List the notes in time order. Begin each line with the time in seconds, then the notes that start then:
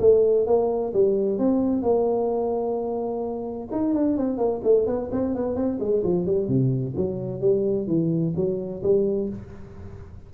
0.00 A3
0.47 A#3
0.93 G3
1.39 C4
1.83 A#3
3.72 D#4
3.95 D4
4.18 C4
4.38 A#3
4.64 A3
4.86 B3
5.12 C4
5.35 B3
5.56 C4
5.80 G#3
6.04 F3
6.26 G3
6.48 C3
6.96 F#3
7.41 G3
7.88 E3
8.36 F#3
8.83 G3